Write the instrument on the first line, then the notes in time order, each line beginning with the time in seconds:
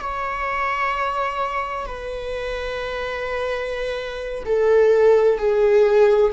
viola
0.00 C#5
1.85 B4
4.45 A4
5.38 G#4